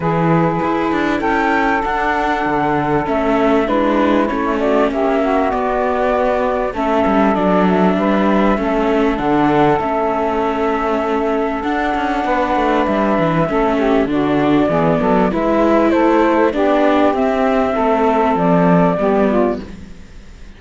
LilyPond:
<<
  \new Staff \with { instrumentName = "flute" } { \time 4/4 \tempo 4 = 98 b'2 g''4 fis''4~ | fis''4 e''4 b'4 cis''8 d''8 | e''4 d''2 e''4 | d''8 e''2~ e''8 fis''4 |
e''2. fis''4~ | fis''4 e''2 d''4~ | d''4 e''4 c''4 d''4 | e''2 d''2 | }
  \new Staff \with { instrumentName = "saxophone" } { \time 4/4 gis'2 a'2~ | a'2 e'4. fis'8 | g'8 fis'2~ fis'8 a'4~ | a'4 b'4 a'2~ |
a'1 | b'2 a'8 g'8 fis'4 | gis'8 a'8 b'4 a'4 g'4~ | g'4 a'2 g'8 f'8 | }
  \new Staff \with { instrumentName = "viola" } { \time 4/4 e'2. d'4~ | d'4 cis'4 d'4 cis'4~ | cis'4 b2 cis'4 | d'2 cis'4 d'4 |
cis'2. d'4~ | d'2 cis'4 d'4 | b4 e'2 d'4 | c'2. b4 | }
  \new Staff \with { instrumentName = "cello" } { \time 4/4 e4 e'8 d'8 cis'4 d'4 | d4 a4 gis4 a4 | ais4 b2 a8 g8 | fis4 g4 a4 d4 |
a2. d'8 cis'8 | b8 a8 g8 e8 a4 d4 | e8 fis8 gis4 a4 b4 | c'4 a4 f4 g4 | }
>>